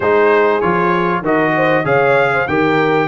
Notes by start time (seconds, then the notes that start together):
0.00 G#3 D#4 G#4 C5
0.60 F3 F4 C#5
1.21 D#3 F#4 A#4 D#5
1.55 C5
1.84 C#3 G#4 C#5 F5
2.33 C5
2.47 D#3 G4 A#4 G5